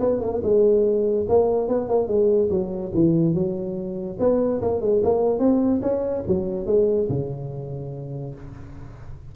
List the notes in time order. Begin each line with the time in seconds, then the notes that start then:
0.00 B3
0.21 A#3
0.43 G#3
1.29 A#3
1.68 B3
1.89 A#3
2.08 G#3
2.50 F#3
2.94 E3
3.34 F#3
4.19 B3
4.62 A#3
4.81 G#3
5.03 A#3
5.39 C4
5.82 C#4
6.28 F#3
6.66 G#3
7.09 C#3